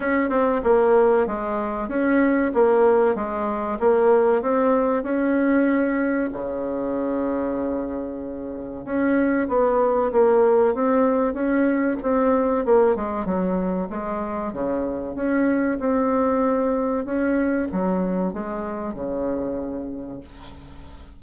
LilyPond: \new Staff \with { instrumentName = "bassoon" } { \time 4/4 \tempo 4 = 95 cis'8 c'8 ais4 gis4 cis'4 | ais4 gis4 ais4 c'4 | cis'2 cis2~ | cis2 cis'4 b4 |
ais4 c'4 cis'4 c'4 | ais8 gis8 fis4 gis4 cis4 | cis'4 c'2 cis'4 | fis4 gis4 cis2 | }